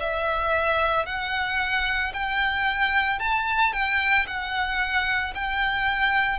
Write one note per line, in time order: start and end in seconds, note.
0.00 1.06 E5
1.06 2.13 F#5
2.14 3.20 G5
3.20 3.73 A5
3.73 4.27 G5
4.27 5.34 F#5
5.35 6.39 G5